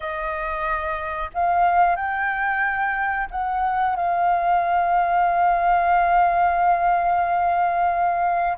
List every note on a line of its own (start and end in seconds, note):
0.00 1.30 D#5
1.34 1.96 F5
1.96 3.28 G5
3.31 3.96 F#5
3.96 8.57 F5